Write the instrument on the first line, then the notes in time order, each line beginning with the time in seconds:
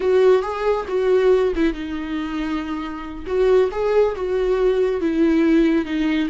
viola
0.00 F#4
0.42 G#4
0.88 F#4
1.55 E4
1.73 D#4
3.26 F#4
3.71 G#4
4.15 F#4
5.00 E4
5.85 D#4